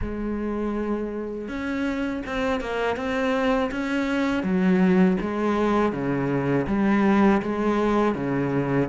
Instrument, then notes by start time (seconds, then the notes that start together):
cello
0.01 G#3
1.48 C#4
2.26 C4
2.60 A#3
2.96 C4
3.71 C#4
4.43 F#3
5.20 G#3
5.92 C#3
6.67 G3
7.41 G#3
8.14 C#3